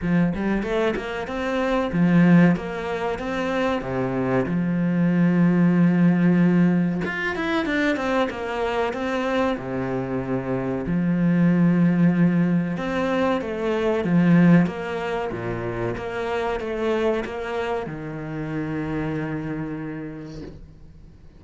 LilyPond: \new Staff \with { instrumentName = "cello" } { \time 4/4 \tempo 4 = 94 f8 g8 a8 ais8 c'4 f4 | ais4 c'4 c4 f4~ | f2. f'8 e'8 | d'8 c'8 ais4 c'4 c4~ |
c4 f2. | c'4 a4 f4 ais4 | ais,4 ais4 a4 ais4 | dis1 | }